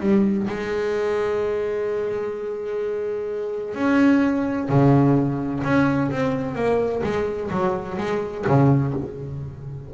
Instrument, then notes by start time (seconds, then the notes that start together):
double bass
0.00 G3
0.48 G#3
3.75 C#4
4.69 C#3
5.64 C#4
6.11 C4
6.55 A#3
7.04 G#3
7.51 F#3
7.98 G#3
8.47 C#3